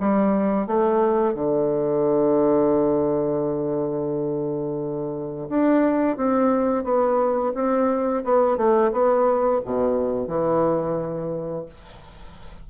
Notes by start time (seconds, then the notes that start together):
0.00 G3
0.67 A3
1.34 D3
5.49 D4
6.17 C4
6.84 B3
7.55 C4
8.24 B3
8.57 A3
8.92 B3
9.65 B2
10.28 E3